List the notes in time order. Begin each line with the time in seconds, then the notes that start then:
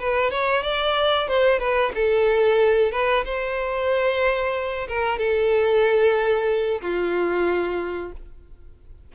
0.00 B4
0.31 C#5
0.63 D5
1.28 C5
1.60 B4
1.95 A4
2.92 B4
3.25 C5
4.88 A#4
5.18 A4
6.82 F4